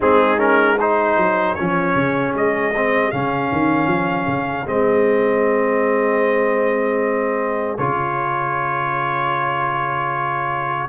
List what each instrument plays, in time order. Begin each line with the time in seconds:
0.00 tuba G#3, trombone C4, horn D#4, trumpet G#4
0.37 trombone C#4, trumpet A#4
0.77 trombone D#4, horn G#4, trumpet C5
1.17 tuba F#3
1.55 tuba F3, trombone C#4, trumpet C#5
1.94 tuba C#3
2.34 tuba G#3, trumpet D#5
2.75 trombone C4
3.11 tuba C#3, trombone C#4, trumpet F5
3.52 tuba D#3
3.86 tuba F3
4.27 tuba C#3
4.66 tuba G#3, trombone C4, trumpet D#5
7.77 tuba C#3, trombone F4, trumpet C#5